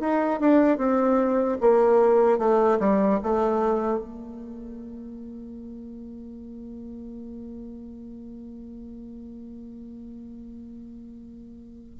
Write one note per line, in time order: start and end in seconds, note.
0.00 0.40 D#4
0.40 0.78 D4
0.78 1.58 C4
1.61 2.39 A#3
2.39 2.78 A3
2.79 3.19 G3
3.23 3.99 A3
3.99 11.99 A#3